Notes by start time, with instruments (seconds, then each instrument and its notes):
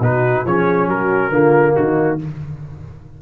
0.00 tuba B2, trombone D#4, horn F#4, trumpet B4
0.45 tuba F3, trombone C#4, horn G#4, trumpet C#5
0.87 tuba F#3, horn F#4, trumpet A#4
1.30 tuba D3, trombone A#3, horn F4
1.74 tuba D#3, horn D#4, trumpet F#4